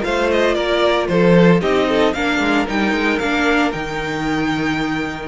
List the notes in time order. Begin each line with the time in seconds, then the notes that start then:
0.00 A3 F4 C5 F5
0.32 D#5
0.55 A#3 A#4 D5
1.09 F3 A4 C5
1.62 C4 D#4 G4 D#5
1.89 A4
2.14 A#3 D4 A#4 F5
2.40 G#3
2.67 G3 D#4 G5
2.93 G#3
3.19 A#3 D4 F5
3.72 D#3 D#4 G5